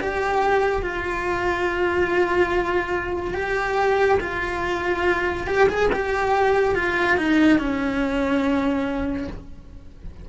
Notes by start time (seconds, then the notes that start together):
0.00 G4
0.82 F4
3.34 G4
4.20 F4
5.47 G4
5.69 G#4
5.92 G4
6.75 F4
7.17 D#4
7.58 C#4